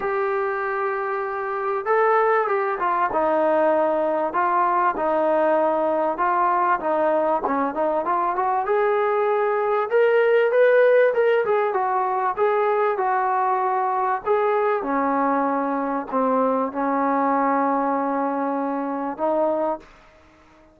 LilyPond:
\new Staff \with { instrumentName = "trombone" } { \time 4/4 \tempo 4 = 97 g'2. a'4 | g'8 f'8 dis'2 f'4 | dis'2 f'4 dis'4 | cis'8 dis'8 f'8 fis'8 gis'2 |
ais'4 b'4 ais'8 gis'8 fis'4 | gis'4 fis'2 gis'4 | cis'2 c'4 cis'4~ | cis'2. dis'4 | }